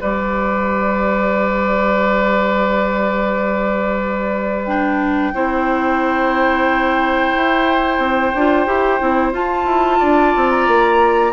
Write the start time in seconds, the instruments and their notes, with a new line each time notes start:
0.00 bassoon G3, clarinet G4, oboe B4, flute D5
4.64 clarinet D4, flute G5
5.33 bassoon C4, clarinet E4, oboe C5
7.35 bassoon E4
7.98 bassoon C4
8.34 bassoon D4, clarinet F4
8.66 bassoon E4, clarinet G4
9.00 bassoon C4, clarinet E4
9.32 clarinet F4, bassoon F4, flute A5
9.65 bassoon E4
9.99 bassoon D4, oboe D5
10.36 bassoon C4
10.50 flute A#5
10.67 bassoon A#3